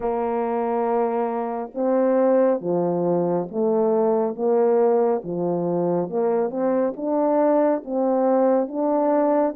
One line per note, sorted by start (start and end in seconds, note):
0.00 1.70 A#3
1.74 2.60 C4
2.60 3.47 F3
3.51 4.35 A3
4.35 5.22 A#3
5.24 6.09 F3
6.09 6.50 A#3
6.50 6.93 C4
6.96 7.83 D4
7.84 8.68 C4
8.68 9.55 D4